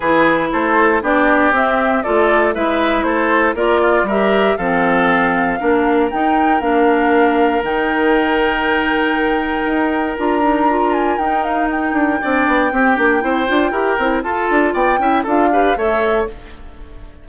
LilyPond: <<
  \new Staff \with { instrumentName = "flute" } { \time 4/4 \tempo 4 = 118 b'4 c''4 d''4 e''4 | d''4 e''4 c''4 d''4 | e''4 f''2. | g''4 f''2 g''4~ |
g''1 | ais''4. gis''8 g''8 f''8 g''4~ | g''1 | a''4 g''4 f''4 e''4 | }
  \new Staff \with { instrumentName = "oboe" } { \time 4/4 gis'4 a'4 g'2 | a'4 b'4 a'4 ais'8 f'8 | ais'4 a'2 ais'4~ | ais'1~ |
ais'1~ | ais'1 | d''4 g'4 c''4 ais'4 | a'4 d''8 e''8 a'8 b'8 cis''4 | }
  \new Staff \with { instrumentName = "clarinet" } { \time 4/4 e'2 d'4 c'4 | f'4 e'2 f'4 | g'4 c'2 d'4 | dis'4 d'2 dis'4~ |
dis'1 | f'8 dis'8 f'4 dis'2 | d'4 c'8 d'8 e'8 f'8 g'8 e'8 | f'4. e'8 f'8 g'8 a'4 | }
  \new Staff \with { instrumentName = "bassoon" } { \time 4/4 e4 a4 b4 c'4 | a4 gis4 a4 ais4 | g4 f2 ais4 | dis'4 ais2 dis4~ |
dis2. dis'4 | d'2 dis'4. d'8 | c'8 b8 c'8 ais8 c'8 d'8 e'8 c'8 | f'8 d'8 b8 cis'8 d'4 a4 | }
>>